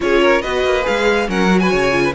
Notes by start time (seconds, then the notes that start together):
0.00 C#4 F4 G#4 C#5
0.21 A#4
0.41 B3 F#4 B4 D#5
0.64 A#3
0.82 G#3 G#4 F5
1.28 F#3 C#4 A#4 F#5
1.49 F#4
1.59 B4 G#5
1.70 C#3 C#5
1.91 F4
2.03 B4